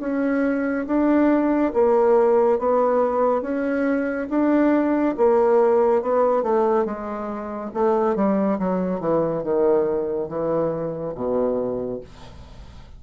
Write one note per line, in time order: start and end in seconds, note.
0.00 0.86 C#4
0.86 1.72 D4
1.74 2.59 A#3
2.59 3.42 B3
3.42 4.27 C#4
4.29 5.15 D4
5.17 6.02 A#3
6.02 6.43 B3
6.43 6.85 A3
6.85 7.71 G#3
7.74 8.15 A3
8.15 8.58 G3
8.59 9.00 F#3
9.00 9.43 E3
9.43 10.28 D#3
10.28 11.14 E3
11.15 12.00 B2